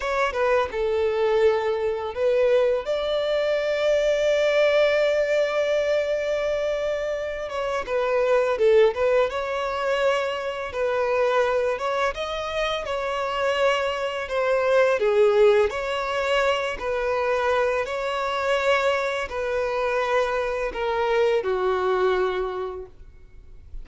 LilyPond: \new Staff \with { instrumentName = "violin" } { \time 4/4 \tempo 4 = 84 cis''8 b'8 a'2 b'4 | d''1~ | d''2~ d''8 cis''8 b'4 | a'8 b'8 cis''2 b'4~ |
b'8 cis''8 dis''4 cis''2 | c''4 gis'4 cis''4. b'8~ | b'4 cis''2 b'4~ | b'4 ais'4 fis'2 | }